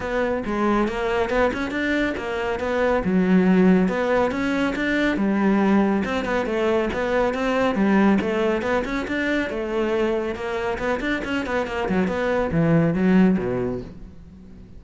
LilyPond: \new Staff \with { instrumentName = "cello" } { \time 4/4 \tempo 4 = 139 b4 gis4 ais4 b8 cis'8 | d'4 ais4 b4 fis4~ | fis4 b4 cis'4 d'4 | g2 c'8 b8 a4 |
b4 c'4 g4 a4 | b8 cis'8 d'4 a2 | ais4 b8 d'8 cis'8 b8 ais8 fis8 | b4 e4 fis4 b,4 | }